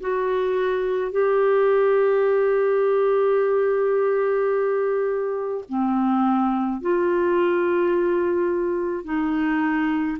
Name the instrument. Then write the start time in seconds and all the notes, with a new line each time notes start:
clarinet
0.00 F#4
1.11 G4
5.68 C4
6.81 F4
9.04 D#4